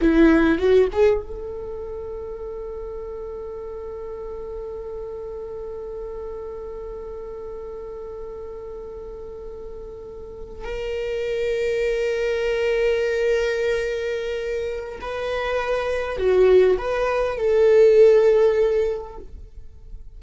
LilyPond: \new Staff \with { instrumentName = "viola" } { \time 4/4 \tempo 4 = 100 e'4 fis'8 gis'8 a'2~ | a'1~ | a'1~ | a'1~ |
a'4.~ a'16 ais'2~ ais'16~ | ais'1~ | ais'4 b'2 fis'4 | b'4 a'2. | }